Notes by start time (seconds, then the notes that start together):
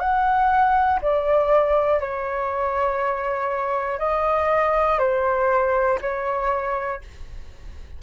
0.00 F#5
1.02 D5
2.00 C#5
3.99 D#5
5.00 C5
6.01 C#5